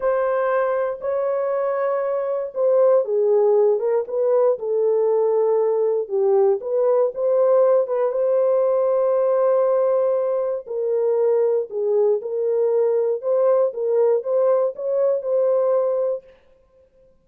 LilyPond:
\new Staff \with { instrumentName = "horn" } { \time 4/4 \tempo 4 = 118 c''2 cis''2~ | cis''4 c''4 gis'4. ais'8 | b'4 a'2. | g'4 b'4 c''4. b'8 |
c''1~ | c''4 ais'2 gis'4 | ais'2 c''4 ais'4 | c''4 cis''4 c''2 | }